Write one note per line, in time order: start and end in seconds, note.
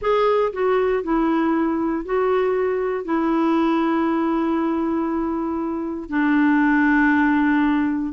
0.01 0.52 G#4
0.53 1.03 F#4
1.03 2.05 E4
2.05 3.04 F#4
3.04 6.09 E4
6.09 8.12 D4